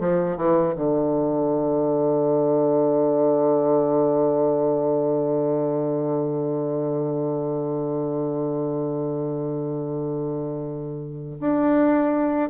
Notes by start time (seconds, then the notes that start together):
0.00 F3
0.37 E3
0.76 D3
11.41 D4